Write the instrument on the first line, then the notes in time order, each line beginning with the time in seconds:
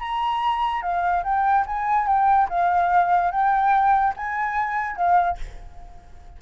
flute
0.00 A#5
0.82 F5
1.24 G5
1.66 G#5
2.07 G5
2.49 F5
3.31 G5
4.17 G#5
4.96 F5